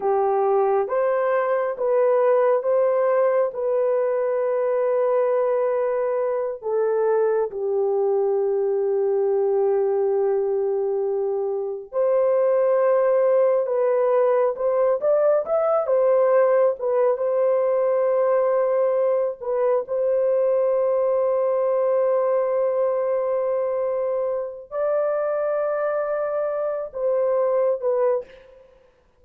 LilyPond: \new Staff \with { instrumentName = "horn" } { \time 4/4 \tempo 4 = 68 g'4 c''4 b'4 c''4 | b'2.~ b'8 a'8~ | a'8 g'2.~ g'8~ | g'4. c''2 b'8~ |
b'8 c''8 d''8 e''8 c''4 b'8 c''8~ | c''2 b'8 c''4.~ | c''1 | d''2~ d''8 c''4 b'8 | }